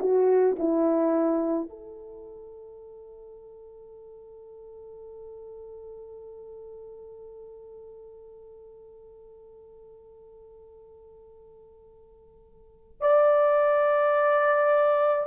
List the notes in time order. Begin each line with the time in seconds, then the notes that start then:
0.00 F#4
0.59 E4
1.70 A4
13.01 D5